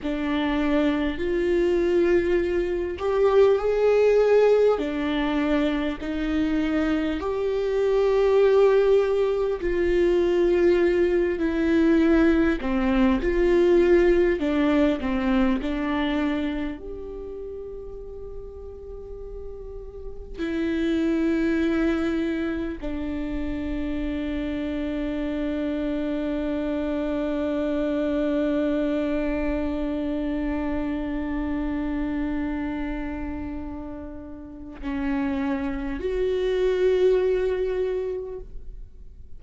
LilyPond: \new Staff \with { instrumentName = "viola" } { \time 4/4 \tempo 4 = 50 d'4 f'4. g'8 gis'4 | d'4 dis'4 g'2 | f'4. e'4 c'8 f'4 | d'8 c'8 d'4 g'2~ |
g'4 e'2 d'4~ | d'1~ | d'1~ | d'4 cis'4 fis'2 | }